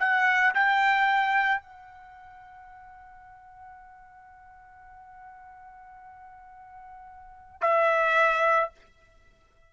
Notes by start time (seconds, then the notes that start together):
0.00 F#5
0.55 G5
1.63 F#5
7.61 E5